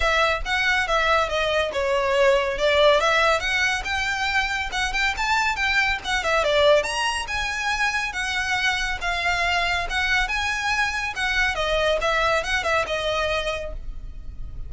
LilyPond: \new Staff \with { instrumentName = "violin" } { \time 4/4 \tempo 4 = 140 e''4 fis''4 e''4 dis''4 | cis''2 d''4 e''4 | fis''4 g''2 fis''8 g''8 | a''4 g''4 fis''8 e''8 d''4 |
ais''4 gis''2 fis''4~ | fis''4 f''2 fis''4 | gis''2 fis''4 dis''4 | e''4 fis''8 e''8 dis''2 | }